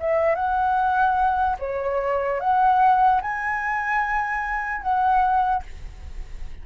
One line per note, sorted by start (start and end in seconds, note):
0.00 0.35 E5
0.35 1.57 F#5
1.59 2.40 C#5
2.40 3.21 F#5
3.21 4.82 G#5
4.82 5.63 F#5